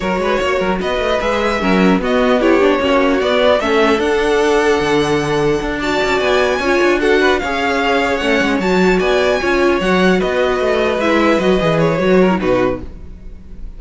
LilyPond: <<
  \new Staff \with { instrumentName = "violin" } { \time 4/4 \tempo 4 = 150 cis''2 dis''4 e''4~ | e''4 dis''4 cis''2 | d''4 e''4 fis''2~ | fis''2~ fis''8 a''4 gis''8~ |
gis''4. fis''4 f''4.~ | f''8 fis''4 a''4 gis''4.~ | gis''8 fis''4 dis''2 e''8~ | e''8 dis''4 cis''4. b'4 | }
  \new Staff \with { instrumentName = "violin" } { \time 4/4 ais'8 b'8 cis''8 ais'8 b'2 | ais'4 fis'4 g'4 fis'4~ | fis'4 a'2.~ | a'2~ a'8 d''4.~ |
d''8 cis''4 a'8 b'8 cis''4.~ | cis''2~ cis''8 d''4 cis''8~ | cis''4. b'2~ b'8~ | b'2~ b'8 ais'8 fis'4 | }
  \new Staff \with { instrumentName = "viola" } { \time 4/4 fis'2. gis'4 | cis'4 b4 e'8 d'8 cis'4 | b4 cis'4 d'2~ | d'2~ d'8 fis'4.~ |
fis'8 f'4 fis'4 gis'4.~ | gis'8 cis'4 fis'2 f'8~ | f'8 fis'2. e'8~ | e'8 fis'8 gis'4 fis'8. e'16 dis'4 | }
  \new Staff \with { instrumentName = "cello" } { \time 4/4 fis8 gis8 ais8 fis8 b8 a8 gis4 | fis4 b2 ais4 | b4 a4 d'2 | d2 d'4 cis'8 b8~ |
b8 cis'8 d'4. cis'4.~ | cis'8 a8 gis8 fis4 b4 cis'8~ | cis'8 fis4 b4 a4 gis8~ | gis8 fis8 e4 fis4 b,4 | }
>>